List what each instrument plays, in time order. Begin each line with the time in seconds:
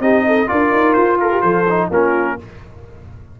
0.00 tuba C4, trombone D#4, horn G4, trumpet D#5
0.27 horn A4
0.47 tuba D4, trombone F4, horn A#4, trumpet D5
0.72 tuba D#4
0.93 tuba F4, trumpet C5
1.20 horn A4, trumpet A#4
1.31 horn G4
1.41 tuba F3, horn A4, trumpet C5
1.69 trombone D#4
1.90 tuba A#3, trombone C#4, horn F4, trumpet A#4